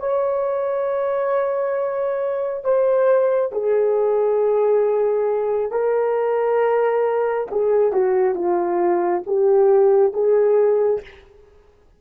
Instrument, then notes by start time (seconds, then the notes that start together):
horn
0.00 C#5
2.64 C5
3.53 G#4
5.72 A#4
7.51 G#4
7.93 F#4
8.35 F4
9.26 G4
10.14 G#4